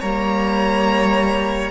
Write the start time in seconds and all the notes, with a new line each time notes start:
0.00 G3 A#3 C#5 A#5